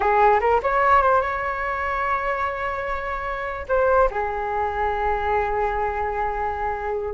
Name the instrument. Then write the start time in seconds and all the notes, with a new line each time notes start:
flute
0.00 G#4
0.40 A#4
0.62 C#5
1.02 C5
1.21 C#5
3.68 C5
4.10 G#4